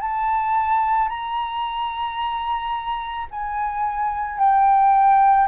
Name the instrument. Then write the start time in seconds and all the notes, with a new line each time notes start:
flute
0.00 A5
1.09 A#5
3.31 G#5
4.38 G5